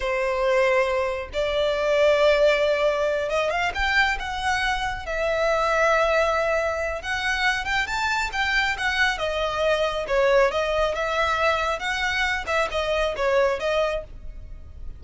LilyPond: \new Staff \with { instrumentName = "violin" } { \time 4/4 \tempo 4 = 137 c''2. d''4~ | d''2.~ d''8 dis''8 | f''8 g''4 fis''2 e''8~ | e''1 |
fis''4. g''8 a''4 g''4 | fis''4 dis''2 cis''4 | dis''4 e''2 fis''4~ | fis''8 e''8 dis''4 cis''4 dis''4 | }